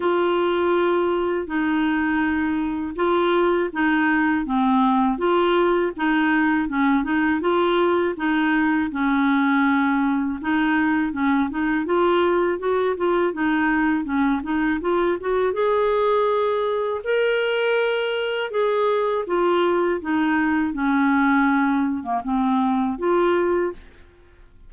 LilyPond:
\new Staff \with { instrumentName = "clarinet" } { \time 4/4 \tempo 4 = 81 f'2 dis'2 | f'4 dis'4 c'4 f'4 | dis'4 cis'8 dis'8 f'4 dis'4 | cis'2 dis'4 cis'8 dis'8 |
f'4 fis'8 f'8 dis'4 cis'8 dis'8 | f'8 fis'8 gis'2 ais'4~ | ais'4 gis'4 f'4 dis'4 | cis'4.~ cis'16 ais16 c'4 f'4 | }